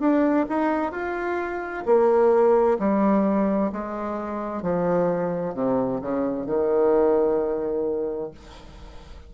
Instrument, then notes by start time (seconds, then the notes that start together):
bassoon
0.00 D4
0.50 D#4
0.92 F4
1.86 A#3
2.79 G3
3.73 G#3
4.63 F3
5.55 C3
6.02 C#3
6.47 D#3